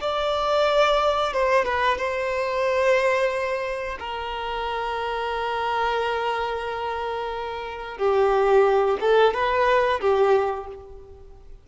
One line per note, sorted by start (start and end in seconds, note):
0.00 1.33 D5
1.33 1.65 C5
1.65 1.98 B4
1.98 3.98 C5
3.99 7.98 A#4
7.98 8.98 G4
9.00 9.33 A4
9.33 10.00 B4
10.00 10.67 G4